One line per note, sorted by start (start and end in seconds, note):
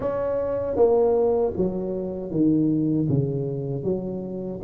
0.00 0.76 C#4
0.76 1.52 A#3
1.56 2.30 F#3
2.30 3.07 D#3
3.08 3.83 C#3
3.83 4.60 F#3